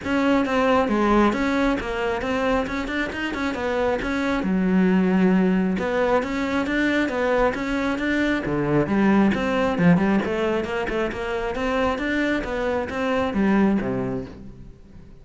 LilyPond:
\new Staff \with { instrumentName = "cello" } { \time 4/4 \tempo 4 = 135 cis'4 c'4 gis4 cis'4 | ais4 c'4 cis'8 d'8 dis'8 cis'8 | b4 cis'4 fis2~ | fis4 b4 cis'4 d'4 |
b4 cis'4 d'4 d4 | g4 c'4 f8 g8 a4 | ais8 a8 ais4 c'4 d'4 | b4 c'4 g4 c4 | }